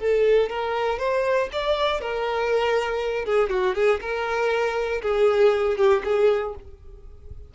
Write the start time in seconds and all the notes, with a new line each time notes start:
0.00 A4
0.50 A#4
0.99 C5
1.53 D5
2.01 A#4
3.26 G#4
3.50 F#4
3.75 G#4
4.01 A#4
5.02 G#4
5.78 G4
6.05 G#4